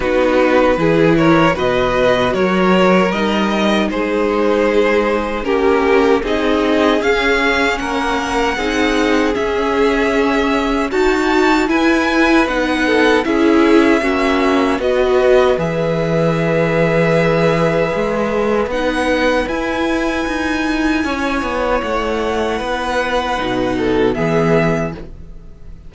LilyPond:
<<
  \new Staff \with { instrumentName = "violin" } { \time 4/4 \tempo 4 = 77 b'4. cis''8 dis''4 cis''4 | dis''4 c''2 ais'4 | dis''4 f''4 fis''2 | e''2 a''4 gis''4 |
fis''4 e''2 dis''4 | e''1 | fis''4 gis''2. | fis''2. e''4 | }
  \new Staff \with { instrumentName = "violin" } { \time 4/4 fis'4 gis'8 ais'8 b'4 ais'4~ | ais'4 gis'2 g'4 | gis'2 ais'4 gis'4~ | gis'2 fis'4 b'4~ |
b'8 a'8 gis'4 fis'4 b'4~ | b'1~ | b'2. cis''4~ | cis''4 b'4. a'8 gis'4 | }
  \new Staff \with { instrumentName = "viola" } { \time 4/4 dis'4 e'4 fis'2 | dis'2. cis'4 | dis'4 cis'2 dis'4 | cis'2 fis'4 e'4 |
dis'4 e'4 cis'4 fis'4 | gis'1 | dis'4 e'2.~ | e'2 dis'4 b4 | }
  \new Staff \with { instrumentName = "cello" } { \time 4/4 b4 e4 b,4 fis4 | g4 gis2 ais4 | c'4 cis'4 ais4 c'4 | cis'2 dis'4 e'4 |
b4 cis'4 ais4 b4 | e2. gis4 | b4 e'4 dis'4 cis'8 b8 | a4 b4 b,4 e4 | }
>>